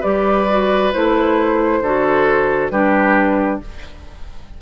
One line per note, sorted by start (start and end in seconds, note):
0.00 0.94 G3
0.00 0.47 G4
0.00 1.79 B4
0.00 0.92 D5
0.49 0.93 F#4
0.92 1.81 A3
0.92 1.82 E4
0.92 2.70 C5
1.81 2.70 D3
1.81 2.71 F#4
1.81 2.72 A4
2.70 3.60 G3
2.70 3.61 D4
2.70 3.61 G4
2.70 3.59 B4